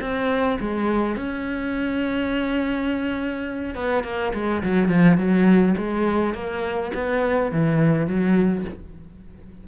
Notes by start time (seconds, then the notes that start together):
0.00 C4
0.60 G#3
1.16 C#4
3.75 B3
4.03 A#3
4.33 G#3
4.63 F#3
4.88 F3
5.17 F#3
5.77 G#3
6.34 A#3
6.94 B3
7.51 E3
8.07 F#3